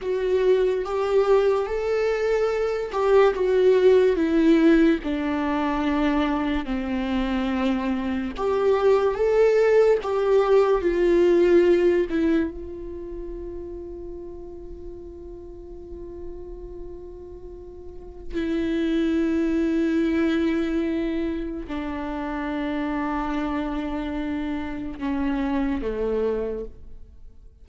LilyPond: \new Staff \with { instrumentName = "viola" } { \time 4/4 \tempo 4 = 72 fis'4 g'4 a'4. g'8 | fis'4 e'4 d'2 | c'2 g'4 a'4 | g'4 f'4. e'8 f'4~ |
f'1~ | f'2 e'2~ | e'2 d'2~ | d'2 cis'4 a4 | }